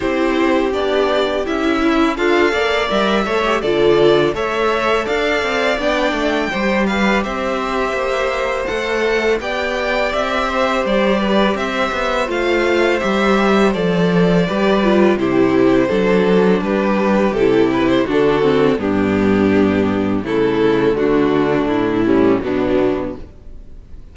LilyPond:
<<
  \new Staff \with { instrumentName = "violin" } { \time 4/4 \tempo 4 = 83 c''4 d''4 e''4 f''4 | e''4 d''4 e''4 f''4 | g''4. f''8 e''2 | fis''4 g''4 e''4 d''4 |
e''4 f''4 e''4 d''4~ | d''4 c''2 b'4 | a'8 b'16 c''16 a'4 g'2 | a'4 fis'4 e'4 d'4 | }
  \new Staff \with { instrumentName = "violin" } { \time 4/4 g'2~ g'8 e'8 f'8 d''8~ | d''8 cis''8 a'4 cis''4 d''4~ | d''4 c''8 b'8 c''2~ | c''4 d''4. c''4 b'8 |
c''1 | b'4 g'4 a'4 g'4~ | g'4 fis'4 d'2 | e'4 d'4. cis'8 b4 | }
  \new Staff \with { instrumentName = "viola" } { \time 4/4 e'4 d'4 e'4 a'4 | ais'8 a'16 g'16 f'4 a'2 | d'4 g'2. | a'4 g'2.~ |
g'4 f'4 g'4 a'4 | g'8 f'8 e'4 d'2 | e'4 d'8 c'8 b2 | a2~ a8 g8 fis4 | }
  \new Staff \with { instrumentName = "cello" } { \time 4/4 c'4 b4 cis'4 d'8 ais8 | g8 a8 d4 a4 d'8 c'8 | b8 a8 g4 c'4 ais4 | a4 b4 c'4 g4 |
c'8 b8 a4 g4 f4 | g4 c4 fis4 g4 | c4 d4 g,2 | cis4 d4 a,4 b,4 | }
>>